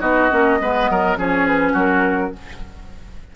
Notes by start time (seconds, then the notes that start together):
0.00 B3 D#4 F#4 D#5
0.30 A#3 C#4
0.60 G#3 B3 B4
0.90 F#3 A#4
1.17 F3 C#4 G#4 C#5
1.47 B4
1.73 F#3 F#4 A#4